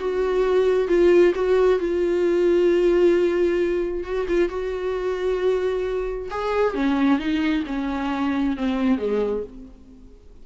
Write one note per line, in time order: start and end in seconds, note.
0.00 0.89 F#4
0.89 1.34 F4
1.35 1.80 F#4
1.80 4.04 F4
4.04 4.27 F#4
4.29 4.49 F4
4.49 6.30 F#4
6.31 6.75 G#4
6.75 7.19 C#4
7.19 7.64 D#4
7.67 8.57 C#4
8.58 8.99 C4
8.99 9.44 G#3